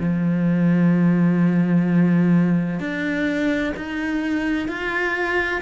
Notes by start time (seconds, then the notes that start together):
0.00 F3
2.80 D4
3.77 D#4
4.68 F4